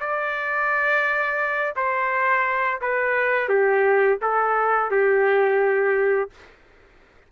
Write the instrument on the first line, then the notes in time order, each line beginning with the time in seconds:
trumpet
0.00 D5
1.76 C5
2.81 B4
3.49 G4
4.22 A4
4.91 G4